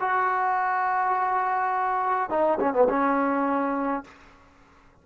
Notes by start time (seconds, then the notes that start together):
0.00 F#4
2.30 D#4
2.60 C#4
2.73 B3
2.89 C#4